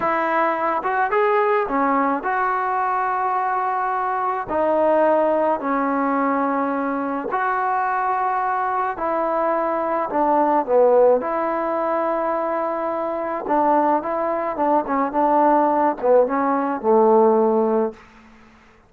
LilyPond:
\new Staff \with { instrumentName = "trombone" } { \time 4/4 \tempo 4 = 107 e'4. fis'8 gis'4 cis'4 | fis'1 | dis'2 cis'2~ | cis'4 fis'2. |
e'2 d'4 b4 | e'1 | d'4 e'4 d'8 cis'8 d'4~ | d'8 b8 cis'4 a2 | }